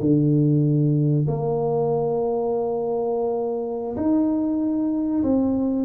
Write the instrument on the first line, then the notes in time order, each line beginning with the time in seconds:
tuba
0.00 D3
1.27 A#3
3.96 D#4
5.23 C4